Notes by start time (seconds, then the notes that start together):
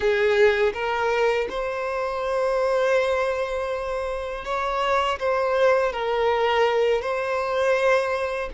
0.00 G#4
0.73 A#4
1.49 C5
4.44 C#5
5.19 C5
5.92 A#4
7.01 C5